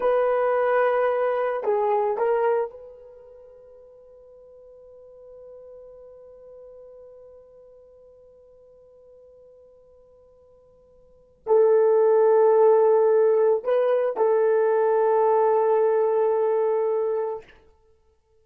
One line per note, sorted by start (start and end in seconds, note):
0.00 1.63 B4
1.63 2.17 G#4
2.17 2.70 A#4
2.70 11.43 B4
11.46 13.63 A4
13.63 14.16 B4
14.16 17.44 A4